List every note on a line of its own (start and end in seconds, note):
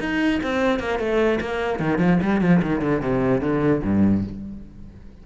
0.00 0.41 D#4
0.43 0.80 C4
0.80 0.99 A#3
0.99 1.40 A3
1.41 1.80 A#3
1.80 1.99 D#3
1.99 2.19 F3
2.23 2.42 G3
2.42 2.62 F3
2.63 2.82 D#3
2.82 3.02 D3
3.02 3.41 C3
3.41 3.82 D3
3.84 4.24 G2